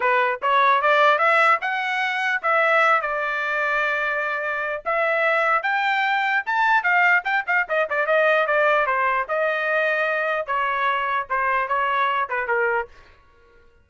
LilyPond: \new Staff \with { instrumentName = "trumpet" } { \time 4/4 \tempo 4 = 149 b'4 cis''4 d''4 e''4 | fis''2 e''4. d''8~ | d''1 | e''2 g''2 |
a''4 f''4 g''8 f''8 dis''8 d''8 | dis''4 d''4 c''4 dis''4~ | dis''2 cis''2 | c''4 cis''4. b'8 ais'4 | }